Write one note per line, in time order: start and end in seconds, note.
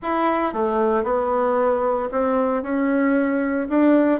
0.02 0.53 E4
0.53 1.03 A3
1.03 2.09 B3
2.11 2.62 C4
2.62 3.68 C#4
3.69 4.20 D4